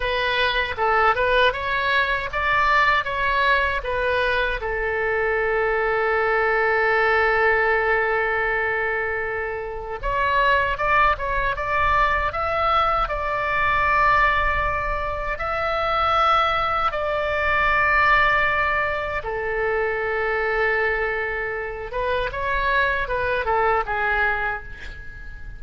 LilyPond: \new Staff \with { instrumentName = "oboe" } { \time 4/4 \tempo 4 = 78 b'4 a'8 b'8 cis''4 d''4 | cis''4 b'4 a'2~ | a'1~ | a'4 cis''4 d''8 cis''8 d''4 |
e''4 d''2. | e''2 d''2~ | d''4 a'2.~ | a'8 b'8 cis''4 b'8 a'8 gis'4 | }